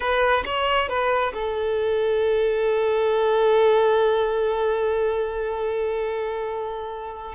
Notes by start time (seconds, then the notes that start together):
0.00 B4
0.45 C#5
0.88 B4
1.33 A4